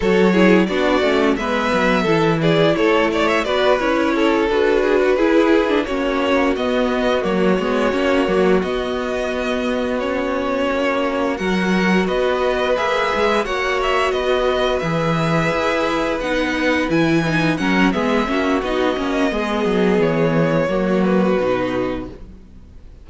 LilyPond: <<
  \new Staff \with { instrumentName = "violin" } { \time 4/4 \tempo 4 = 87 cis''4 d''4 e''4. d''8 | cis''8 d''16 e''16 d''8 cis''4 b'4.~ | b'8 cis''4 dis''4 cis''4.~ | cis''8 dis''2 cis''4.~ |
cis''8 fis''4 dis''4 e''4 fis''8 | e''8 dis''4 e''2 fis''8~ | fis''8 gis''4 fis''8 e''4 dis''4~ | dis''4 cis''4. b'4. | }
  \new Staff \with { instrumentName = "violin" } { \time 4/4 a'8 gis'8 fis'4 b'4 a'8 gis'8 | a'8 cis''8 b'4 a'4 gis'16 fis'16 gis'8~ | gis'8 fis'2.~ fis'8~ | fis'1~ |
fis'8 ais'4 b'2 cis''8~ | cis''8 b'2.~ b'8~ | b'4. ais'8 gis'8 fis'4. | gis'2 fis'2 | }
  \new Staff \with { instrumentName = "viola" } { \time 4/4 fis'8 e'8 d'8 cis'8 b4 e'4~ | e'4 fis'8 e'4 fis'4 e'8~ | e'16 d'16 cis'4 b4 ais8 b8 cis'8 | ais8 b2 cis'4.~ |
cis'8 fis'2 gis'4 fis'8~ | fis'4. gis'2 dis'8~ | dis'8 e'8 dis'8 cis'8 b8 cis'8 dis'8 cis'8 | b2 ais4 dis'4 | }
  \new Staff \with { instrumentName = "cello" } { \time 4/4 fis4 b8 a8 gis8 fis8 e4 | a4 b8 cis'4 d'4 e'8~ | e'8 ais4 b4 fis8 gis8 ais8 | fis8 b2. ais8~ |
ais8 fis4 b4 ais8 gis8 ais8~ | ais8 b4 e4 e'4 b8~ | b8 e4 fis8 gis8 ais8 b8 ais8 | gis8 fis8 e4 fis4 b,4 | }
>>